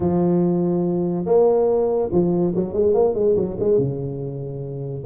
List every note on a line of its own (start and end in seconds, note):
0.00 1.25 F3
1.25 2.09 A#3
2.12 2.53 F3
2.55 2.73 F#3
2.73 2.94 G#3
2.94 3.14 A#3
3.14 3.35 G#3
3.36 3.57 F#3
3.59 3.78 G#3
3.78 5.03 C#3